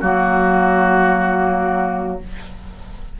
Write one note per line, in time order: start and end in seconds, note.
0.00 2.19 F#3
0.00 2.19 A#3
0.00 2.18 F#4